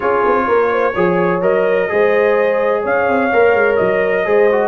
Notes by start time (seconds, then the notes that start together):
0.00 C#4 F4 G#4 C#5
0.26 C4
0.47 A#3 A#4
0.71 C5
0.93 F3 G#4 C#5
1.41 F#3 A#4 D#5
1.88 G#3 G#4 C5
2.82 C#4 C#5 F5
3.08 C4
3.32 A#3 A#4
3.54 G#3
3.76 F#3 D#5
4.24 G#3 G#4 C5
4.51 F#4